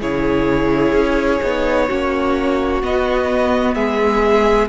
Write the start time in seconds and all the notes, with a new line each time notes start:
0.00 C#3 E4 G#4 C#5
0.92 C#4
1.42 B3 D#4
1.87 A#3 C#4 F#4
2.82 B3 D#5
3.74 G#3 G#4 E5